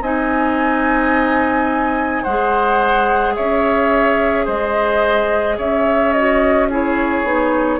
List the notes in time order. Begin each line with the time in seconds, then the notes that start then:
0.00 C4 D#4 D#5 G#5
2.23 G#3 G#4 C5 F#5
3.35 C#4 C#5 E5
4.45 G#3 C5 D#5
5.57 C#4 C#5 E5
6.12 F#4 D#5
6.69 E4 G#4 C#5
7.23 B3 D#4